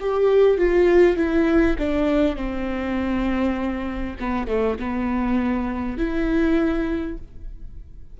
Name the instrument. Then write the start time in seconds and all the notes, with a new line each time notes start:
viola
0.00 G4
0.58 F4
1.16 E4
1.78 D4
2.36 C4
4.19 B3
4.47 A3
4.79 B3
5.97 E4